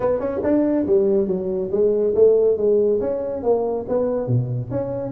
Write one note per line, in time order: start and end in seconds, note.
0.00 0.19 B3
0.19 0.41 C#4
0.43 0.86 D4
0.86 1.27 G3
1.27 1.70 F#3
1.71 2.14 G#3
2.14 2.57 A3
2.57 3.00 G#3
3.00 3.42 C#4
3.42 3.85 A#3
3.88 4.27 B3
4.27 4.70 B2
4.70 5.12 C#4